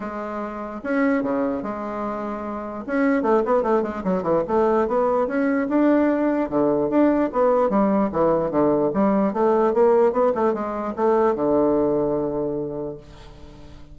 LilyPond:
\new Staff \with { instrumentName = "bassoon" } { \time 4/4 \tempo 4 = 148 gis2 cis'4 cis4 | gis2. cis'4 | a8 b8 a8 gis8 fis8 e8 a4 | b4 cis'4 d'2 |
d4 d'4 b4 g4 | e4 d4 g4 a4 | ais4 b8 a8 gis4 a4 | d1 | }